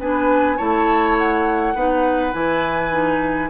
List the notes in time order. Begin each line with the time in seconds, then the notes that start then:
0.00 B3 D4 B4 G#5
0.57 A3 E4 C#5 A5
1.18 F#5
1.75 B3 D#4 B4
2.33 E3 E4 G#5
2.91 D#4